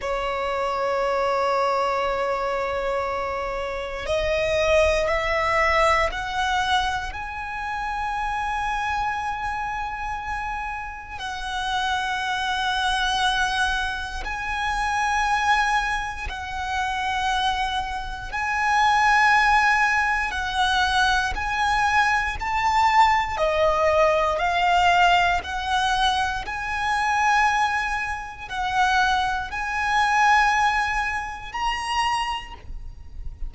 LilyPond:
\new Staff \with { instrumentName = "violin" } { \time 4/4 \tempo 4 = 59 cis''1 | dis''4 e''4 fis''4 gis''4~ | gis''2. fis''4~ | fis''2 gis''2 |
fis''2 gis''2 | fis''4 gis''4 a''4 dis''4 | f''4 fis''4 gis''2 | fis''4 gis''2 ais''4 | }